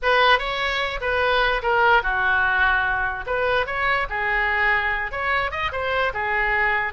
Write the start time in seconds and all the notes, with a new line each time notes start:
0.02 B4
0.38 C#5
1.00 B4
1.62 A#4
2.02 F#4
3.26 B4
3.66 C#5
4.09 G#4
5.11 C#5
5.51 D#5
5.71 C5
6.13 G#4